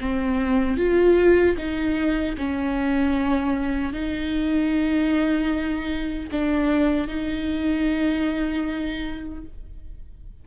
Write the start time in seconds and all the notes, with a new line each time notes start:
0.00 C4
0.77 F4
1.57 D#4
2.38 C#4
3.93 D#4
6.32 D4
7.08 D#4